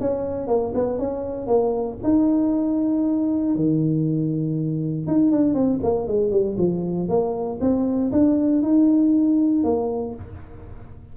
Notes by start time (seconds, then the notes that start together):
0.00 C#4
0.47 A#3
0.75 B3
0.98 C#4
1.47 A#3
2.03 D#4
3.55 D#3
5.07 D#4
5.31 D4
5.54 C4
5.83 A#3
6.07 G#3
6.31 G3
6.58 F3
7.08 A#3
7.60 C4
8.12 D4
8.62 D#4
9.64 A#3